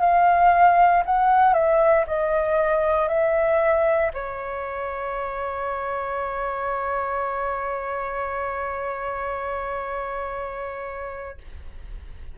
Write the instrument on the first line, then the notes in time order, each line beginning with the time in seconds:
flute
0.00 F5
1.06 F#5
1.54 E5
2.07 D#5
3.08 E5
4.14 C#5